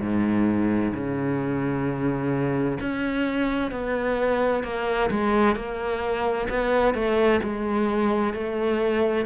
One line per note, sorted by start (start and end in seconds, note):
0.00 0.92 G#2
0.94 2.78 C#3
2.80 3.71 C#4
3.71 4.63 B3
4.63 5.09 A#3
5.10 5.56 G#3
5.56 6.48 A#3
6.49 6.94 B3
6.94 7.40 A3
7.43 8.33 G#3
8.33 9.26 A3